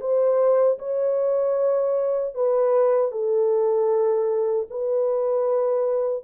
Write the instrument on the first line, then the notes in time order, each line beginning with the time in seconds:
horn
0.00 C5
0.78 C#5
2.34 B4
3.11 A4
4.70 B4